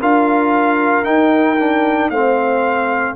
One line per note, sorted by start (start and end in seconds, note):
0.00 1.06 D4
0.00 1.04 F4
0.00 2.11 A#4
0.00 1.05 F5
1.04 1.56 D#4
1.04 2.10 D#4
1.04 2.10 G5
1.60 2.12 D4
2.10 3.15 A3
2.10 3.16 C4
2.10 3.16 C5
2.10 3.15 F5